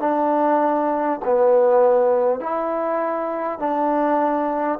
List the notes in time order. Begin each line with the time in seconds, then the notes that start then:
0.00 D4
1.25 B3
2.40 E4
3.59 D4